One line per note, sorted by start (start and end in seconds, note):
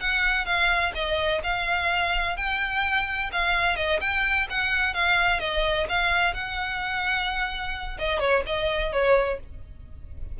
0.00 0.45 F#5
0.45 0.92 F5
0.94 1.41 D#5
1.43 2.36 F5
2.36 3.30 G5
3.32 3.76 F5
3.76 4.00 D#5
4.00 4.47 G5
4.50 4.94 F#5
4.94 5.40 F5
5.40 5.87 D#5
5.89 6.34 F5
6.34 7.98 F#5
7.98 8.19 D#5
8.19 8.43 C#5
8.46 8.92 D#5
8.92 9.39 C#5